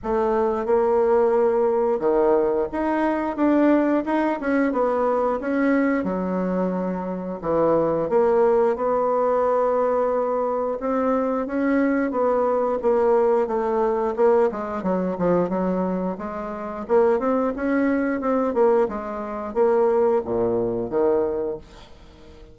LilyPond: \new Staff \with { instrumentName = "bassoon" } { \time 4/4 \tempo 4 = 89 a4 ais2 dis4 | dis'4 d'4 dis'8 cis'8 b4 | cis'4 fis2 e4 | ais4 b2. |
c'4 cis'4 b4 ais4 | a4 ais8 gis8 fis8 f8 fis4 | gis4 ais8 c'8 cis'4 c'8 ais8 | gis4 ais4 ais,4 dis4 | }